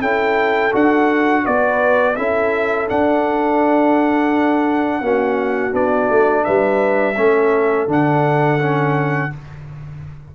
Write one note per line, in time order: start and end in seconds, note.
0.00 0.73 C#4
0.00 0.72 E4
0.00 1.43 A4
0.00 0.74 G5
0.72 1.46 D4
0.72 2.15 F#4
0.72 1.46 F#5
1.44 2.18 B3
1.44 2.16 B4
1.44 2.16 D5
2.16 2.89 C#4
2.16 2.89 E4
2.16 5.03 A4
2.16 2.87 E5
2.89 5.03 D4
2.89 5.01 D4
2.89 5.75 F#5
5.01 5.73 A#3
5.01 5.72 C#4
5.01 6.45 F#4
5.72 6.10 B3
5.72 7.15 D4
5.72 6.44 D5
6.10 6.46 A3
6.44 7.18 G3
6.44 7.16 B4
6.44 7.87 E5
7.17 7.87 A3
7.17 7.88 C#4
7.17 9.33 A4
7.87 9.30 D3
7.87 8.59 D4
7.87 9.35 F#5
8.59 9.31 C#4